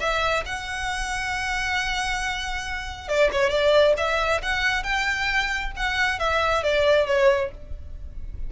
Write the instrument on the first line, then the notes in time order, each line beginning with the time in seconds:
violin
0.00 E5
0.46 F#5
3.09 D5
3.32 C#5
3.50 D5
3.98 E5
4.43 F#5
4.84 G5
5.77 F#5
6.19 E5
6.64 D5
7.07 C#5